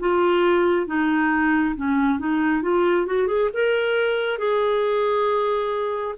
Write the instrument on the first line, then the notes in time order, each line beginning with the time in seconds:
clarinet
0.00 F4
0.87 D#4
1.76 C#4
2.19 D#4
2.62 F4
3.06 F#4
3.28 G#4
3.54 A#4
4.39 G#4